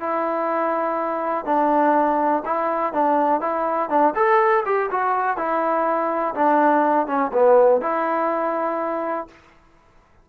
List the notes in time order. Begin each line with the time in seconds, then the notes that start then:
0.00 E4
1.45 D4
2.45 E4
2.93 D4
3.41 E4
3.90 D4
4.15 A4
4.65 G4
4.91 F#4
5.37 E4
6.35 D4
7.07 C#4
7.33 B3
7.81 E4